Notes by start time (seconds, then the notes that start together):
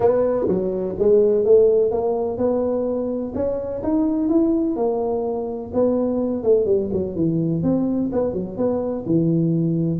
0.00 B3
0.47 F#3
0.98 G#3
1.45 A3
1.91 A#3
2.37 B3
3.34 C#4
3.83 D#4
4.29 E4
4.76 A#3
5.73 B3
6.43 A3
6.65 G3
6.92 F#3
7.15 E3
7.62 C4
8.12 B3
8.33 F#3
8.57 B3
9.05 E3